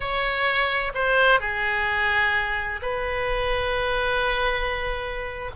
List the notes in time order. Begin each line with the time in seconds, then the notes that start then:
0.00 C#5
0.94 C5
1.39 G#4
2.81 B4